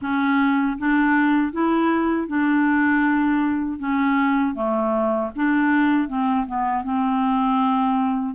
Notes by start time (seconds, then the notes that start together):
0.01 C#4
0.78 D4
1.52 E4
2.28 D4
3.79 C#4
4.54 A3
5.35 D4
6.08 C4
6.47 B3
6.84 C4